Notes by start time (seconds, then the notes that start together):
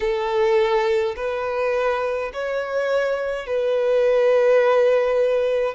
0.00 A4
1.15 B4
2.33 C#5
3.46 B4